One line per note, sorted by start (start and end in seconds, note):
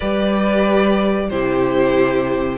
0.00 1.30 G3
0.00 1.30 G4
0.00 1.27 B4
0.00 1.29 D5
1.29 2.58 C3
1.29 2.58 E4
1.29 2.58 G4
1.29 2.58 C5